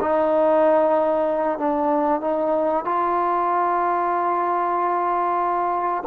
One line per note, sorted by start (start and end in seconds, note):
0.00 1.58 D#4
1.58 2.20 D4
2.20 2.84 D#4
2.84 6.03 F4